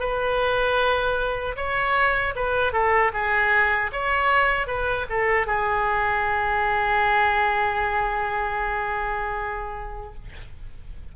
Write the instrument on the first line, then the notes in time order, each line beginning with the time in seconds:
oboe
0.00 B4
1.57 C#5
2.36 B4
2.73 A4
3.13 G#4
3.92 C#5
4.67 B4
5.09 A4
5.47 G#4